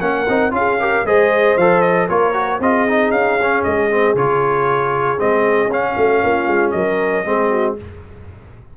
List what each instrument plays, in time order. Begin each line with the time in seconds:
0.00 tuba A#3, trombone C#4, horn A#4, trumpet F#5
0.28 tuba C4, trombone D#4
0.51 tuba C#4, trombone F4, horn G#4, trumpet F5
0.80 trombone G4, horn A#4
1.04 tuba G#3, trombone G#4, horn C5, trumpet D#5
1.57 tuba F3, trombone A4, trumpet F5
1.81 trumpet D#5
2.08 tuba A#3, trombone F4, horn A#4, trumpet C#5
2.33 trombone F#4
2.59 tuba C4, trombone F4, horn G#4, trumpet D#5
2.88 trombone D#4
3.11 tuba C#4, trumpet F5
3.42 trombone C#4
3.63 tuba G#3, trumpet D#5
3.90 trombone C4
4.14 tuba C#3, trombone F4, trumpet C#5
5.18 tuba G#3, trombone C4, trumpet D#5
5.67 tuba C#4, trombone C#4, trumpet F5
5.95 tuba A3, horn F#4
6.22 tuba A#3, horn F4
6.47 tuba G#3
6.71 tuba F#3, horn A#4, trumpet D#5
7.25 tuba G#3, trombone C4, horn G#4
7.50 horn F#4